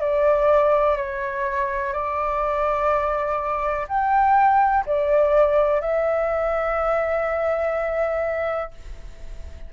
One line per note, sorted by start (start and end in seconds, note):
0.00 0.97 D5
0.97 1.93 C#5
1.93 3.87 D5
3.88 4.85 G5
4.86 5.81 D5
5.81 8.71 E5